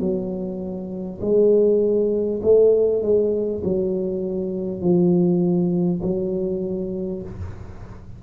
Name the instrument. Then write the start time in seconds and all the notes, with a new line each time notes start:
tuba
0.00 F#3
1.21 G#3
2.43 A3
3.02 G#3
3.64 F#3
4.82 F3
6.02 F#3